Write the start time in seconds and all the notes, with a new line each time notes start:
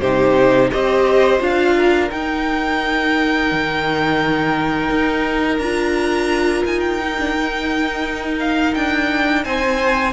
0.00 C3 D#4 G4 C5
0.71 C4 G4 C5 D#5
1.39 D4 F4 F5
1.76 A#4
2.10 D#4 G5
3.51 D#3
4.90 D#4
5.58 D4 F4 A#5
6.65 D#4 G#5
6.80 G5
7.00 D#4
7.19 D4
7.35 D#4
8.39 F5
8.74 D4 G5
9.44 C4 C5 G#5